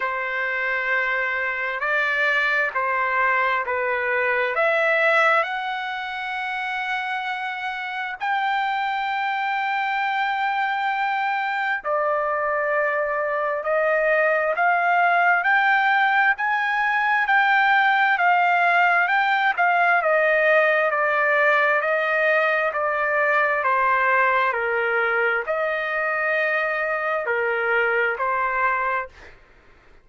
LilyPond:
\new Staff \with { instrumentName = "trumpet" } { \time 4/4 \tempo 4 = 66 c''2 d''4 c''4 | b'4 e''4 fis''2~ | fis''4 g''2.~ | g''4 d''2 dis''4 |
f''4 g''4 gis''4 g''4 | f''4 g''8 f''8 dis''4 d''4 | dis''4 d''4 c''4 ais'4 | dis''2 ais'4 c''4 | }